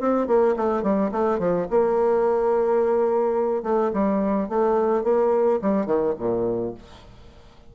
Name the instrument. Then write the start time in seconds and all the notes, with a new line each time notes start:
bassoon
0.00 C4
0.27 A#3
0.56 A3
0.83 G3
1.12 A3
1.39 F3
1.70 A#3
3.63 A3
3.93 G3
4.49 A3
5.04 A#3
5.62 G3
5.86 D#3
6.18 A#2